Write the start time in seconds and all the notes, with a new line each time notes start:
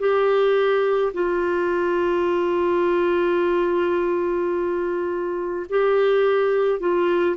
0.00 G4
1.14 F4
5.70 G4
6.80 F4